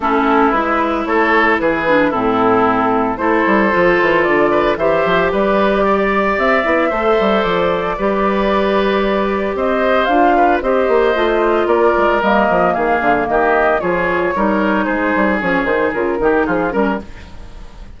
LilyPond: <<
  \new Staff \with { instrumentName = "flute" } { \time 4/4 \tempo 4 = 113 a'4 b'4 cis''4 b'4 | a'2 c''2 | d''4 e''4 d''2 | e''2 d''2~ |
d''2 dis''4 f''4 | dis''2 d''4 dis''4 | f''4 dis''4 cis''2 | c''4 cis''8 c''8 ais'4 gis'8 ais'8 | }
  \new Staff \with { instrumentName = "oboe" } { \time 4/4 e'2 a'4 gis'4 | e'2 a'2~ | a'8 b'8 c''4 b'4 d''4~ | d''4 c''2 b'4~ |
b'2 c''4. b'8 | c''2 ais'2 | gis'4 g'4 gis'4 ais'4 | gis'2~ gis'8 g'8 f'8 ais'8 | }
  \new Staff \with { instrumentName = "clarinet" } { \time 4/4 cis'4 e'2~ e'8 d'8 | c'2 e'4 f'4~ | f'4 g'2.~ | g'8 e'8 a'2 g'4~ |
g'2. f'4 | g'4 f'2 ais4~ | ais2 f'4 dis'4~ | dis'4 cis'8 dis'8 f'8 dis'4 cis'8 | }
  \new Staff \with { instrumentName = "bassoon" } { \time 4/4 a4 gis4 a4 e4 | a,2 a8 g8 f8 e8 | d4 e8 f8 g2 | c'8 b8 a8 g8 f4 g4~ |
g2 c'4 d'4 | c'8 ais8 a4 ais8 gis8 g8 f8 | dis8 d8 dis4 f4 g4 | gis8 g8 f8 dis8 cis8 dis8 f8 g8 | }
>>